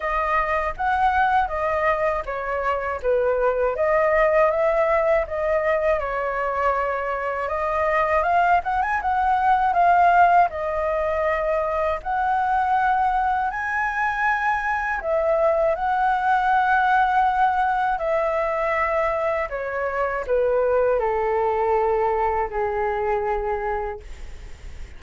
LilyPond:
\new Staff \with { instrumentName = "flute" } { \time 4/4 \tempo 4 = 80 dis''4 fis''4 dis''4 cis''4 | b'4 dis''4 e''4 dis''4 | cis''2 dis''4 f''8 fis''16 gis''16 | fis''4 f''4 dis''2 |
fis''2 gis''2 | e''4 fis''2. | e''2 cis''4 b'4 | a'2 gis'2 | }